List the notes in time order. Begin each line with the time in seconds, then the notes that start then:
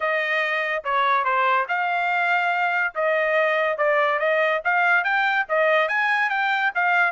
0.00 D#5
0.84 C#5
1.24 C5
1.68 F5
2.95 D#5
3.77 D5
4.19 D#5
4.64 F5
5.03 G5
5.49 D#5
5.88 G#5
6.29 G5
6.75 F5